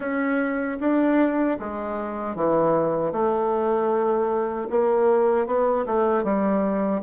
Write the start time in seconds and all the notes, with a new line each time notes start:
0.00 C#4
0.80 D4
1.59 G#3
2.35 E3
3.12 A3
4.70 A#3
5.46 B3
5.86 A3
6.23 G3